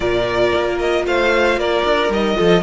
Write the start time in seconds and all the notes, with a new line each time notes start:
0.00 A#2 F4 A#4 D5
0.54 A#3
0.78 D#5
1.06 A3 C5 F5
1.56 A#3 A#4 D5
1.84 D4
2.09 G3 D#4 D#5
2.35 F3 F4 A4